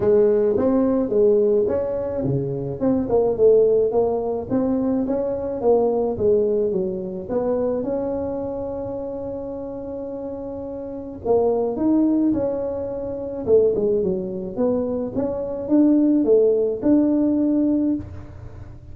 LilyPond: \new Staff \with { instrumentName = "tuba" } { \time 4/4 \tempo 4 = 107 gis4 c'4 gis4 cis'4 | cis4 c'8 ais8 a4 ais4 | c'4 cis'4 ais4 gis4 | fis4 b4 cis'2~ |
cis'1 | ais4 dis'4 cis'2 | a8 gis8 fis4 b4 cis'4 | d'4 a4 d'2 | }